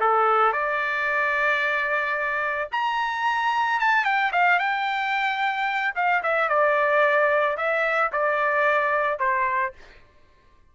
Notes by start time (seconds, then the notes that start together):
0.00 A4
0.52 D5
2.71 A#5
3.79 A5
4.04 G5
4.32 F5
4.59 G5
5.95 F5
6.23 E5
6.48 D5
7.57 E5
8.12 D5
9.19 C5